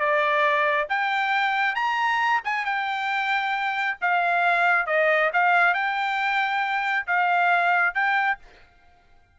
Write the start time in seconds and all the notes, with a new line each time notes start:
0.00 D5
0.90 G5
1.76 A#5
2.45 G#5
2.66 G5
4.02 F5
4.87 D#5
5.34 F5
5.75 G5
7.07 F5
7.95 G5